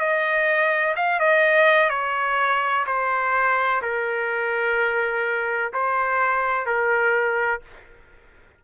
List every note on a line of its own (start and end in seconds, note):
0.00 0.95 D#5
0.96 1.20 F5
1.20 1.90 D#5
1.90 2.85 C#5
2.87 3.82 C5
3.82 5.73 A#4
5.74 6.66 C5
6.66 7.61 A#4